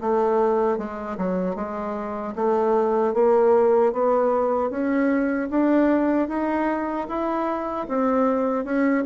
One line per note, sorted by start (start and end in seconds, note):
0.00 0.77 A3
0.77 1.17 G#3
1.17 1.55 F#3
1.55 2.34 G#3
2.35 3.13 A3
3.13 3.92 A#3
3.93 4.70 B3
4.70 5.49 C#4
5.50 6.28 D4
6.28 7.07 D#4
7.08 7.87 E4
7.88 8.64 C4
8.64 9.04 C#4